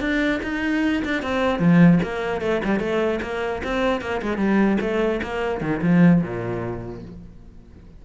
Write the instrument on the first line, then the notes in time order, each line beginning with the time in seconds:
cello
0.00 D4
0.43 D#4
1.05 D4
1.22 C4
1.59 F3
2.02 A#3
2.41 A3
2.64 G3
2.79 A3
3.22 A#3
3.63 C4
4.01 A#3
4.21 G#3
4.37 G3
4.81 A3
5.22 A#3
5.61 D#3
5.82 F3
6.22 A#2